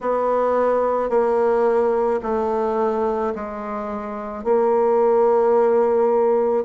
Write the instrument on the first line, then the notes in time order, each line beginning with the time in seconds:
bassoon
0.00 B3
1.09 A#3
2.22 A3
3.35 G#3
4.44 A#3